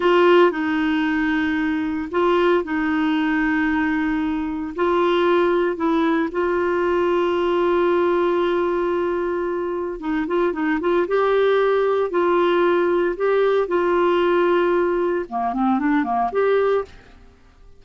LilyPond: \new Staff \with { instrumentName = "clarinet" } { \time 4/4 \tempo 4 = 114 f'4 dis'2. | f'4 dis'2.~ | dis'4 f'2 e'4 | f'1~ |
f'2. dis'8 f'8 | dis'8 f'8 g'2 f'4~ | f'4 g'4 f'2~ | f'4 ais8 c'8 d'8 ais8 g'4 | }